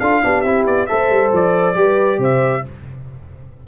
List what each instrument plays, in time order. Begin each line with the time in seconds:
0.00 tuba D4, trombone F4, horn A4, trumpet F5
0.23 tuba B3, trombone D4, horn G4
0.41 tuba C4, trombone E4, trumpet E5
0.66 tuba B3, trumpet D5
0.86 tuba A3, trombone A4, horn C5, trumpet E5
1.10 tuba G3
1.33 tuba F3, trumpet D5
1.75 tuba G3, trombone G4, horn B4
2.18 tuba C3, horn C5, trumpet E5